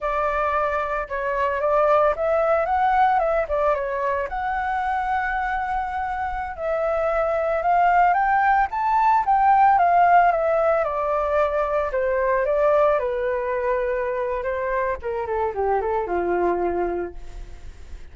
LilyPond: \new Staff \with { instrumentName = "flute" } { \time 4/4 \tempo 4 = 112 d''2 cis''4 d''4 | e''4 fis''4 e''8 d''8 cis''4 | fis''1~ | fis''16 e''2 f''4 g''8.~ |
g''16 a''4 g''4 f''4 e''8.~ | e''16 d''2 c''4 d''8.~ | d''16 b'2~ b'8. c''4 | ais'8 a'8 g'8 a'8 f'2 | }